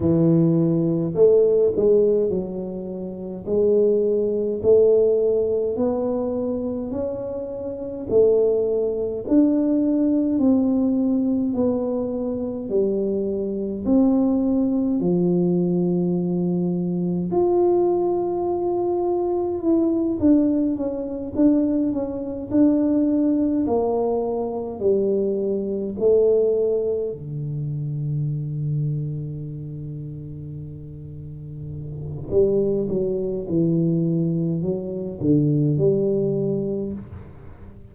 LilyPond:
\new Staff \with { instrumentName = "tuba" } { \time 4/4 \tempo 4 = 52 e4 a8 gis8 fis4 gis4 | a4 b4 cis'4 a4 | d'4 c'4 b4 g4 | c'4 f2 f'4~ |
f'4 e'8 d'8 cis'8 d'8 cis'8 d'8~ | d'8 ais4 g4 a4 d8~ | d1 | g8 fis8 e4 fis8 d8 g4 | }